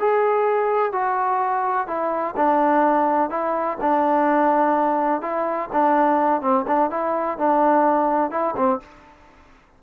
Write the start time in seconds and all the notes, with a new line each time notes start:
0.00 G#4
0.93 F#4
1.88 E4
2.37 D4
3.31 E4
3.81 D4
5.22 E4
5.73 D4
6.42 C4
6.68 D4
6.91 E4
7.38 D4
8.31 E4
8.57 C4